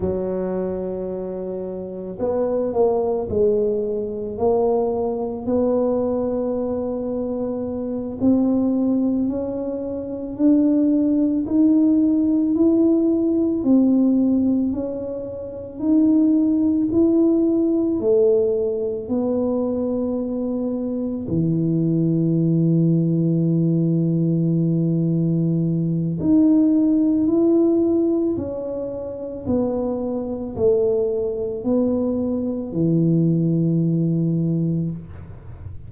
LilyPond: \new Staff \with { instrumentName = "tuba" } { \time 4/4 \tempo 4 = 55 fis2 b8 ais8 gis4 | ais4 b2~ b8 c'8~ | c'8 cis'4 d'4 dis'4 e'8~ | e'8 c'4 cis'4 dis'4 e'8~ |
e'8 a4 b2 e8~ | e1 | dis'4 e'4 cis'4 b4 | a4 b4 e2 | }